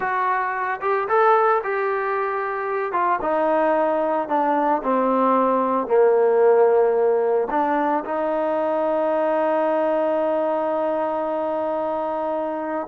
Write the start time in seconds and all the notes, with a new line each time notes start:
0.00 F#4
0.81 G4
1.08 A4
1.63 G4
2.92 F4
3.21 D#4
4.28 D4
4.83 C4
5.87 A#3
7.50 D4
8.05 D#4